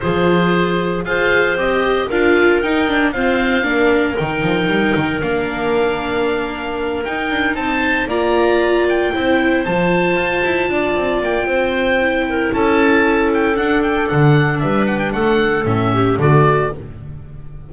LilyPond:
<<
  \new Staff \with { instrumentName = "oboe" } { \time 4/4 \tempo 4 = 115 c''2 f''4 dis''4 | f''4 g''4 f''2 | g''2 f''2~ | f''4. g''4 a''4 ais''8~ |
ais''4 g''4. a''4.~ | a''4. g''2~ g''8 | a''4. g''8 fis''8 g''8 fis''4 | e''8 fis''16 g''16 fis''4 e''4 d''4 | }
  \new Staff \with { instrumentName = "clarinet" } { \time 4/4 gis'2 c''2 | ais'2 c''4 ais'4~ | ais'1~ | ais'2~ ais'8 c''4 d''8~ |
d''4. c''2~ c''8~ | c''8 d''4. c''4. ais'8 | a'1 | b'4 a'4. g'8 fis'4 | }
  \new Staff \with { instrumentName = "viola" } { \time 4/4 f'2 gis'4 g'4 | f'4 dis'8 d'8 c'4 d'4 | dis'2 d'2~ | d'4. dis'2 f'8~ |
f'4. e'4 f'4.~ | f'2. e'4~ | e'2 d'2~ | d'2 cis'4 a4 | }
  \new Staff \with { instrumentName = "double bass" } { \time 4/4 f2 f'4 c'4 | d'4 dis'4 f'4 ais4 | dis8 f8 g8 dis8 ais2~ | ais4. dis'8 d'8 c'4 ais8~ |
ais4. c'4 f4 f'8 | e'8 d'8 c'8 ais8 c'2 | cis'2 d'4 d4 | g4 a4 a,4 d4 | }
>>